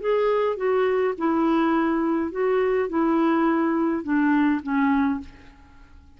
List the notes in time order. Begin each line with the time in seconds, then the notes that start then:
0.00 G#4
0.56 F#4
1.17 E4
2.31 F#4
2.89 E4
4.03 D4
4.62 C#4